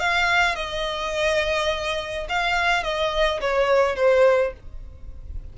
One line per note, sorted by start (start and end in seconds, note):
0.00 0.56 F5
0.56 2.27 D#5
2.29 2.83 F5
2.83 3.41 D#5
3.41 3.96 C#5
3.96 4.53 C5